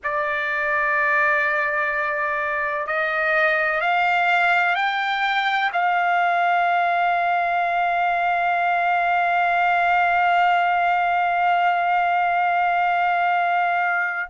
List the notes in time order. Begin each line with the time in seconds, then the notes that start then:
0.03 D5
2.86 D#5
3.81 F5
4.75 G5
5.72 F5